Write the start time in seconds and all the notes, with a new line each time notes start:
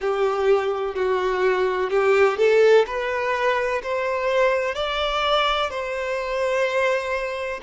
0.00 G4
0.95 F#4
1.90 G4
2.37 A4
2.86 B4
3.82 C5
4.74 D5
5.69 C5